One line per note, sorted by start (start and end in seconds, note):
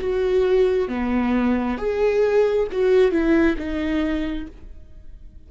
0.00 0.89 F#4
0.89 1.78 B3
1.78 2.68 G#4
2.72 3.12 F#4
3.12 3.57 E4
3.58 4.47 D#4